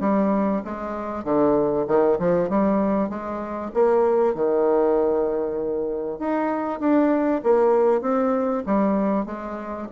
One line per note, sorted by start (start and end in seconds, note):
0.00 0.62 G3
0.64 1.24 G#3
1.24 1.86 D3
1.87 2.18 D#3
2.19 2.49 F3
2.49 3.09 G3
3.09 3.71 G#3
3.74 4.34 A#3
4.34 6.19 D#3
6.19 6.80 D#4
6.80 7.41 D4
7.43 8.01 A#3
8.01 8.63 C4
8.66 9.26 G3
9.26 9.87 G#3